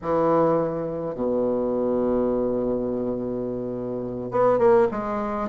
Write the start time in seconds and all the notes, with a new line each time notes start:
0.02 E3
1.14 B2
4.31 B3
4.58 A#3
4.91 G#3